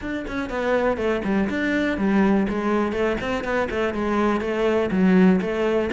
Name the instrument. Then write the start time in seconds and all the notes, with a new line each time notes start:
cello
0.01 D4
0.27 C#4
0.49 B3
0.97 A3
1.24 G3
1.49 D4
1.97 G3
2.48 G#3
2.92 A3
3.20 C4
3.44 B3
3.70 A3
3.93 G#3
4.40 A3
4.91 F#3
5.41 A3